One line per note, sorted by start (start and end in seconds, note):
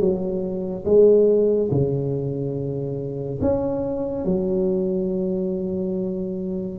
0.00 0.85 F#3
0.85 1.70 G#3
1.71 3.40 C#3
3.41 4.25 C#4
4.25 6.79 F#3